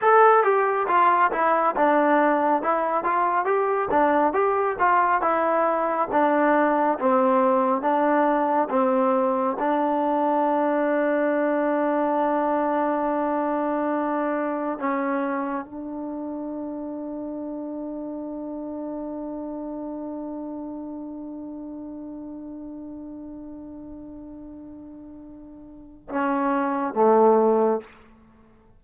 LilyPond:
\new Staff \with { instrumentName = "trombone" } { \time 4/4 \tempo 4 = 69 a'8 g'8 f'8 e'8 d'4 e'8 f'8 | g'8 d'8 g'8 f'8 e'4 d'4 | c'4 d'4 c'4 d'4~ | d'1~ |
d'4 cis'4 d'2~ | d'1~ | d'1~ | d'2 cis'4 a4 | }